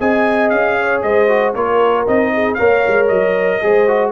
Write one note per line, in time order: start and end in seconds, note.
0.00 0.51 C4
0.00 1.28 G#4
0.00 0.78 D#5
0.00 0.50 G#5
0.50 1.03 C#4
0.50 1.01 F5
0.80 1.05 C#5
1.02 1.55 G#3
1.02 1.55 C5
1.02 1.54 D#5
1.28 1.54 F#4
1.55 2.07 A#3
1.55 2.07 F4
1.55 2.32 A#4
1.55 2.07 C#5
2.07 2.59 C4
2.07 2.59 D#4
2.07 2.54 D#5
2.34 2.58 G#4
2.54 2.86 A#3
2.54 3.62 A#4
2.54 3.62 C#5
2.54 3.06 F5
2.87 3.10 G#3
3.08 3.62 F#3
3.08 4.12 D#5
3.62 4.12 G#3
3.62 3.88 G#4
3.62 4.12 C5
3.88 4.12 F#4